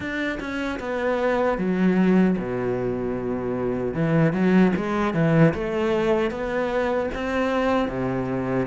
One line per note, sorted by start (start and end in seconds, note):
0.00 0.38 D4
0.39 0.79 C#4
0.79 1.58 B3
1.58 2.36 F#3
2.38 3.94 B2
3.94 4.32 E3
4.32 4.72 F#3
4.76 5.14 G#3
5.14 5.53 E3
5.54 6.31 A3
6.31 7.09 B3
7.14 7.88 C4
7.88 8.66 C3